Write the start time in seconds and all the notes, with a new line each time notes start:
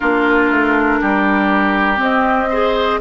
0.00 A#3 D4 F4 A#4
0.50 A3
1.01 G3 G4
1.96 C4 D#5
2.49 G#4 C5